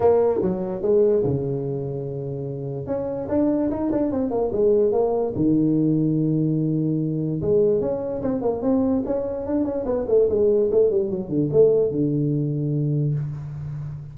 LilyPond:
\new Staff \with { instrumentName = "tuba" } { \time 4/4 \tempo 4 = 146 ais4 fis4 gis4 cis4~ | cis2. cis'4 | d'4 dis'8 d'8 c'8 ais8 gis4 | ais4 dis2.~ |
dis2 gis4 cis'4 | c'8 ais8 c'4 cis'4 d'8 cis'8 | b8 a8 gis4 a8 g8 fis8 d8 | a4 d2. | }